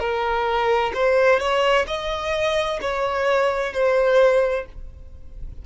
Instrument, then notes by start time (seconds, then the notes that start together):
violin
0.00 A#4
0.94 C5
1.40 C#5
1.88 D#5
2.82 C#5
3.73 C5